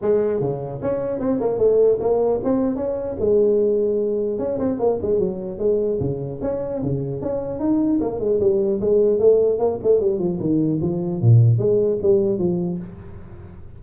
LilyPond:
\new Staff \with { instrumentName = "tuba" } { \time 4/4 \tempo 4 = 150 gis4 cis4 cis'4 c'8 ais8 | a4 ais4 c'4 cis'4 | gis2. cis'8 c'8 | ais8 gis8 fis4 gis4 cis4 |
cis'4 cis4 cis'4 dis'4 | ais8 gis8 g4 gis4 a4 | ais8 a8 g8 f8 dis4 f4 | ais,4 gis4 g4 f4 | }